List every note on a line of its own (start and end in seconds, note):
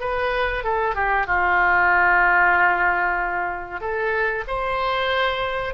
0.00 0.64 B4
0.64 0.95 A4
0.95 1.26 G4
1.26 3.81 F4
3.81 4.44 A4
4.47 5.74 C5